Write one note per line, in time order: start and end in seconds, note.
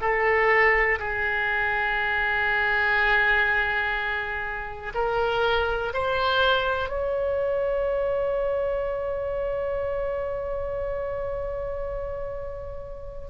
0.00 0.98 A4
0.99 4.92 G#4
4.94 5.92 A#4
5.93 6.89 C5
6.89 13.28 C#5